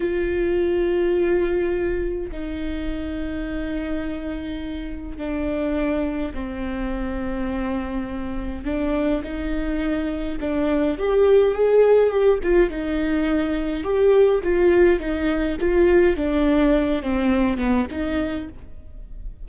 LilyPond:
\new Staff \with { instrumentName = "viola" } { \time 4/4 \tempo 4 = 104 f'1 | dis'1~ | dis'4 d'2 c'4~ | c'2. d'4 |
dis'2 d'4 g'4 | gis'4 g'8 f'8 dis'2 | g'4 f'4 dis'4 f'4 | d'4. c'4 b8 dis'4 | }